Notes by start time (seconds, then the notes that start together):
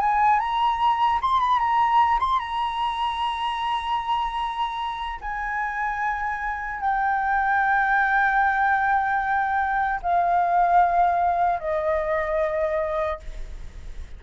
0.00 G#5
0.40 A#5
1.21 C6
1.40 B5
1.59 A#5
2.20 C6
2.39 A#5
5.21 G#5
6.80 G5
10.03 F5
11.60 D#5